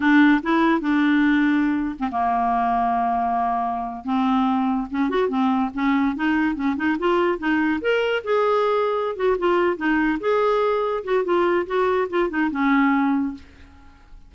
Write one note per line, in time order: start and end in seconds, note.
0.00 0.41 D4
0.42 0.80 E4
0.80 1.95 D4
1.99 2.09 C4
2.11 4.04 A#3
4.04 4.87 C4
4.90 5.09 C#4
5.09 5.28 F#4
5.28 5.70 C4
5.74 6.15 C#4
6.15 6.55 D#4
6.55 6.76 C#4
6.76 6.97 D#4
6.98 7.38 F4
7.38 7.80 D#4
7.81 8.22 A#4
8.24 9.16 G#4
9.16 9.36 F#4
9.38 9.77 F4
9.77 10.18 D#4
10.20 11.03 G#4
11.04 11.24 F#4
11.24 11.66 F4
11.66 12.08 F#4
12.09 12.29 F4
12.29 12.50 D#4
12.51 13.34 C#4